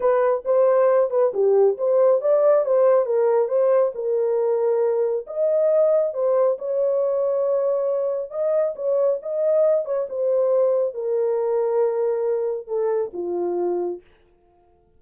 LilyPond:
\new Staff \with { instrumentName = "horn" } { \time 4/4 \tempo 4 = 137 b'4 c''4. b'8 g'4 | c''4 d''4 c''4 ais'4 | c''4 ais'2. | dis''2 c''4 cis''4~ |
cis''2. dis''4 | cis''4 dis''4. cis''8 c''4~ | c''4 ais'2.~ | ais'4 a'4 f'2 | }